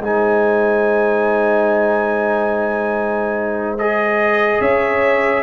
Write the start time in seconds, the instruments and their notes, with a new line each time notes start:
0.00 tuba G#3, trombone D#4, horn C5, trumpet G#5
3.78 trombone G#4, trumpet D#5
4.60 tuba C#4, horn C#5, trumpet E5